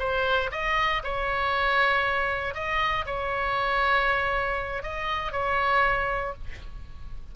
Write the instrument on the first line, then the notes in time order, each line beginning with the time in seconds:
oboe
0.00 C5
0.52 D#5
1.04 C#5
2.55 D#5
3.07 C#5
4.83 D#5
5.33 C#5